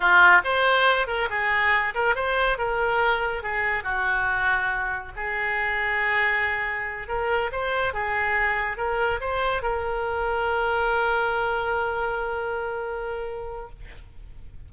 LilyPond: \new Staff \with { instrumentName = "oboe" } { \time 4/4 \tempo 4 = 140 f'4 c''4. ais'8 gis'4~ | gis'8 ais'8 c''4 ais'2 | gis'4 fis'2. | gis'1~ |
gis'8 ais'4 c''4 gis'4.~ | gis'8 ais'4 c''4 ais'4.~ | ais'1~ | ais'1 | }